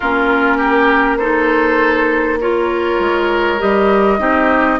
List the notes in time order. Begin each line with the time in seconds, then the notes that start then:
0.00 A#3 C#4 F4 A#4
0.57 G4
1.17 D#4 A4 C5
2.40 F4 A#4 C#5
2.99 G#3
3.58 G3 G4 D#5
4.18 C4 D#4 G4